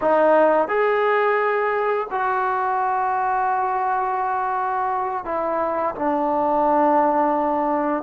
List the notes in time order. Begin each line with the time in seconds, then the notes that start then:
0.01 D#4
0.68 G#4
2.11 F#4
5.25 E4
5.95 D4